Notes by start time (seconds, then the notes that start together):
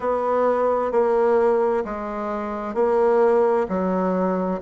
0.00 B3
0.91 A#3
1.84 G#3
2.74 A#3
3.68 F#3